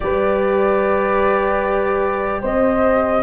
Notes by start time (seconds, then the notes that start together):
0.00 G3 G4 B4 D5
2.41 C4 C5 D#5